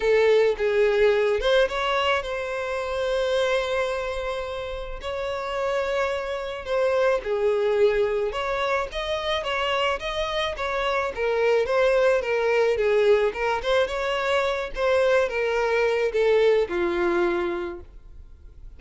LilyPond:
\new Staff \with { instrumentName = "violin" } { \time 4/4 \tempo 4 = 108 a'4 gis'4. c''8 cis''4 | c''1~ | c''4 cis''2. | c''4 gis'2 cis''4 |
dis''4 cis''4 dis''4 cis''4 | ais'4 c''4 ais'4 gis'4 | ais'8 c''8 cis''4. c''4 ais'8~ | ais'4 a'4 f'2 | }